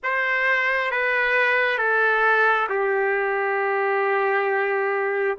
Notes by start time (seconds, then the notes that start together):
0.03 C5
0.91 B4
1.78 A4
2.69 G4